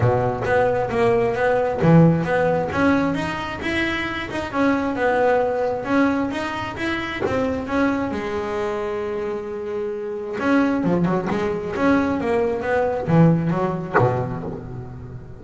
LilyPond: \new Staff \with { instrumentName = "double bass" } { \time 4/4 \tempo 4 = 133 b,4 b4 ais4 b4 | e4 b4 cis'4 dis'4 | e'4. dis'8 cis'4 b4~ | b4 cis'4 dis'4 e'4 |
c'4 cis'4 gis2~ | gis2. cis'4 | f8 fis8 gis4 cis'4 ais4 | b4 e4 fis4 b,4 | }